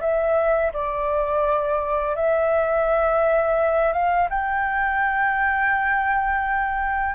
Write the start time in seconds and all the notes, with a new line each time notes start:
0.00 E5
0.73 D5
2.15 E5
3.93 F5
4.29 G5